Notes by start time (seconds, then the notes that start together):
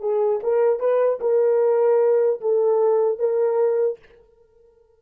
0.00 G#4
0.43 A#4
0.80 B4
1.20 A#4
2.41 A4
3.19 A#4